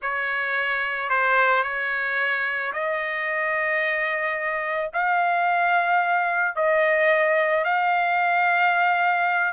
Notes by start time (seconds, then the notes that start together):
0.01 C#5
1.09 C5
1.63 C#5
2.72 D#5
4.93 F5
6.55 D#5
7.64 F5